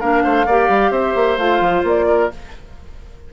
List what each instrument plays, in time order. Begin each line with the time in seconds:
0.00 bassoon A#3, clarinet D4, oboe A#4, flute F5
0.24 bassoon A3, oboe C5
0.46 bassoon A#3, clarinet G4, oboe D5
0.68 bassoon G3
0.90 bassoon C4, oboe C5, flute E5
1.15 bassoon A#3
1.38 bassoon A3, clarinet F4, flute F5
1.60 bassoon F3
1.84 bassoon A#3, flute D5
2.07 oboe A#4